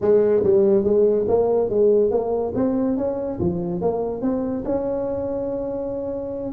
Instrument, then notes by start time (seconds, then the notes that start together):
tuba
0.01 G#3
0.43 G3
0.83 G#3
1.28 A#3
1.69 G#3
2.10 A#3
2.55 C4
2.97 C#4
3.39 F3
3.81 A#3
4.21 C4
4.64 C#4